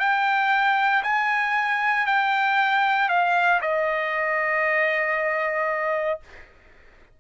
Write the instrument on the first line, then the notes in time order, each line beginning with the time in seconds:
trumpet
0.00 G5
1.04 G#5
2.07 G5
3.09 F5
3.62 D#5